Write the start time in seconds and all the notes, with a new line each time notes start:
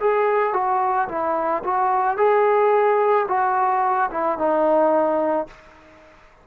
0.00 G#4
0.54 F#4
1.09 E4
1.64 F#4
2.18 G#4
3.28 F#4
4.11 E4
4.38 D#4